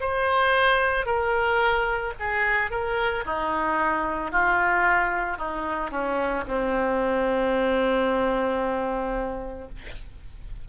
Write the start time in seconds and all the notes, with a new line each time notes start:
0.00 C5
1.06 A#4
2.19 G#4
2.70 A#4
3.25 D#4
4.31 F4
5.37 D#4
5.91 C#4
6.47 C4